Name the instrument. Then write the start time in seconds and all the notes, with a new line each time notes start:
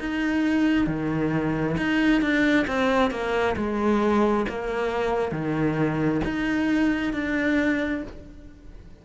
cello
0.00 D#4
0.87 D#3
1.77 D#4
2.22 D4
2.67 C4
3.11 A#3
3.57 G#3
4.49 A#3
5.32 D#3
6.24 D#4
7.14 D4